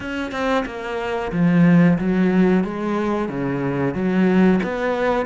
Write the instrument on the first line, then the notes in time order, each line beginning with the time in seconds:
cello
0.00 C#4
0.31 C4
0.65 A#3
1.32 F3
1.98 F#3
2.64 G#3
3.28 C#3
3.94 F#3
4.63 B3